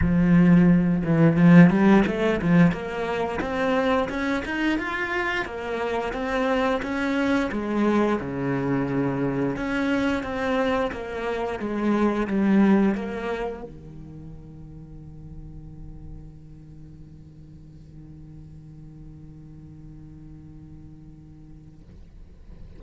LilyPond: \new Staff \with { instrumentName = "cello" } { \time 4/4 \tempo 4 = 88 f4. e8 f8 g8 a8 f8 | ais4 c'4 cis'8 dis'8 f'4 | ais4 c'4 cis'4 gis4 | cis2 cis'4 c'4 |
ais4 gis4 g4 ais4 | dis1~ | dis1~ | dis1 | }